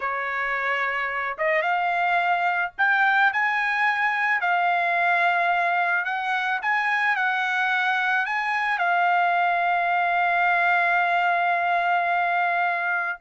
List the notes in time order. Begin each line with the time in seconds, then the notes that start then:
0.00 C#5
1.38 D#5
1.62 F5
2.78 G5
3.32 G#5
4.40 F5
6.05 F#5
6.62 G#5
7.16 F#5
8.25 G#5
8.78 F5